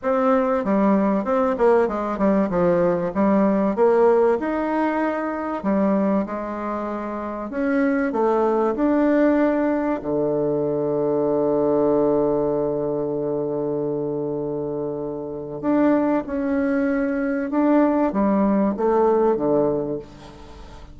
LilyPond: \new Staff \with { instrumentName = "bassoon" } { \time 4/4 \tempo 4 = 96 c'4 g4 c'8 ais8 gis8 g8 | f4 g4 ais4 dis'4~ | dis'4 g4 gis2 | cis'4 a4 d'2 |
d1~ | d1~ | d4 d'4 cis'2 | d'4 g4 a4 d4 | }